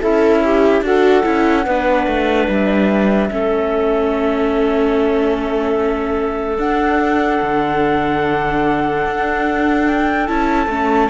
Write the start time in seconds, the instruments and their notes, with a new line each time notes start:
0.00 cello C#4, clarinet E4, viola A4, flute E5
0.45 viola G4
0.82 cello D4, viola F#4, clarinet A4, flute F#5
1.24 cello C#4, viola E4
1.65 cello B3, viola D4, clarinet B4
2.07 cello A3
2.48 cello G3, flute E5
3.30 cello A3, viola C#4, clarinet A4
6.58 cello D4, viola D4, flute F#5
7.42 cello D3
9.07 cello D4
9.88 flute G5
10.27 cello C#4, viola E4, flute A5
10.67 cello A3, viola C#4